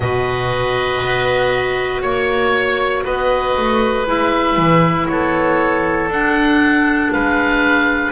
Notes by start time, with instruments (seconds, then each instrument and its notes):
0.00 double bass B2, clarinet F#4, oboe B4 D#5
1.01 double bass B3
2.01 double bass A#3, oboe C#5
3.04 double bass B3, oboe B4 D#5
3.57 double bass A3
4.06 double bass G#3, clarinet E4, oboe E5
4.56 double bass E3
5.07 double bass B3, oboe A4 C#5
6.08 double bass D4, clarinet D4, oboe F#5
7.12 double bass G#3, oboe B4 F5